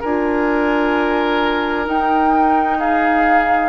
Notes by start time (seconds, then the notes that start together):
0.00 D4 F4 A#4 G#5
1.85 D#4 G5
2.79 G#4 F5